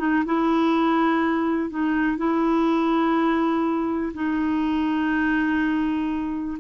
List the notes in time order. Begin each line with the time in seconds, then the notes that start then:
0.00 D#4
0.26 E4
1.70 D#4
2.18 E4
4.14 D#4